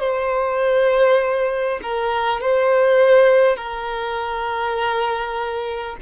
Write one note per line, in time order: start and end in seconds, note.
0.00 1.80 C5
1.83 2.41 A#4
2.41 3.57 C5
3.57 5.97 A#4